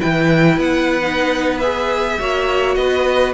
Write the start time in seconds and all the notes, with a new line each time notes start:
0.00 E3 E4 B4 G5
0.58 B3 F#5
1.02 D#4
1.59 G#4 E5
2.20 A#3 F#4 C#5
2.76 B3 B4 D#5